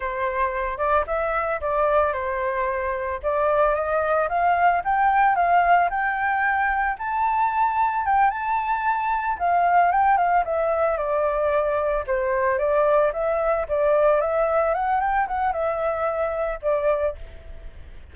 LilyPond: \new Staff \with { instrumentName = "flute" } { \time 4/4 \tempo 4 = 112 c''4. d''8 e''4 d''4 | c''2 d''4 dis''4 | f''4 g''4 f''4 g''4~ | g''4 a''2 g''8 a''8~ |
a''4. f''4 g''8 f''8 e''8~ | e''8 d''2 c''4 d''8~ | d''8 e''4 d''4 e''4 fis''8 | g''8 fis''8 e''2 d''4 | }